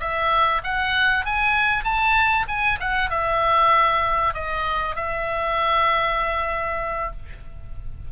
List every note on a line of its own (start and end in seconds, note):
0.00 0.62 E5
0.64 1.25 F#5
1.25 1.84 G#5
1.84 2.46 A5
2.48 2.79 G#5
2.80 3.10 F#5
3.10 4.34 E5
4.34 4.95 D#5
4.95 7.12 E5